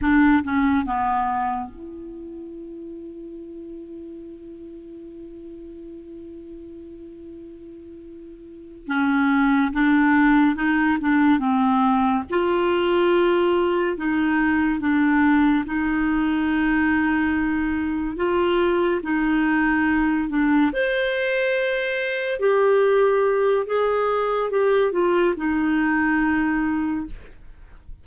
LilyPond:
\new Staff \with { instrumentName = "clarinet" } { \time 4/4 \tempo 4 = 71 d'8 cis'8 b4 e'2~ | e'1~ | e'2~ e'8 cis'4 d'8~ | d'8 dis'8 d'8 c'4 f'4.~ |
f'8 dis'4 d'4 dis'4.~ | dis'4. f'4 dis'4. | d'8 c''2 g'4. | gis'4 g'8 f'8 dis'2 | }